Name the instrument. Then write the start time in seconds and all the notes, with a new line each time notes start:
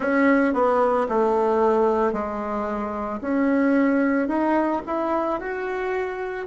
bassoon
0.00 C#4
0.54 B3
1.09 A3
2.12 G#3
3.21 C#4
4.28 D#4
4.86 E4
5.40 F#4